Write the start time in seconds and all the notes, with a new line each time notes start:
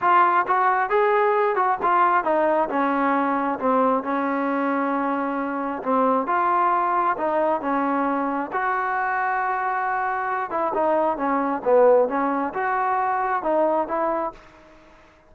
0.01 F4
0.47 F#4
0.89 G#4
1.55 F#4
1.82 F4
2.24 D#4
2.69 C#4
3.59 C4
4.03 C#4
5.82 C4
6.26 F4
7.17 D#4
7.61 C#4
8.52 F#4
10.50 E4
10.74 D#4
11.17 C#4
11.64 B3
12.08 C#4
12.53 F#4
13.42 D#4
13.87 E4